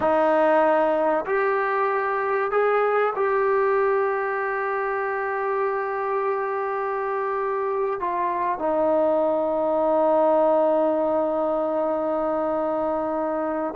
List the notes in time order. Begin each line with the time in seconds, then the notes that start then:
0.00 D#4
1.26 G4
2.51 G#4
3.15 G4
8.00 F4
8.59 D#4